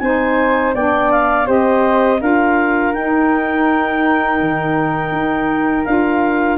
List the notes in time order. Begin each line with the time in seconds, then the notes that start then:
0.00 C4 D#4 C5 G#5
0.75 B3 D4 D5 G5
1.12 F5
1.45 C4 G4 C5 D#5
2.20 D4 F4 A#4 F5
2.94 D#4 G5
4.41 D#3
5.12 D#4
5.85 D4 F4 F5